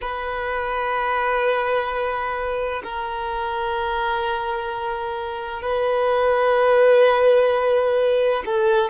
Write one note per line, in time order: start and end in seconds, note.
0.01 2.82 B4
2.83 5.62 A#4
5.62 8.43 B4
8.45 8.90 A4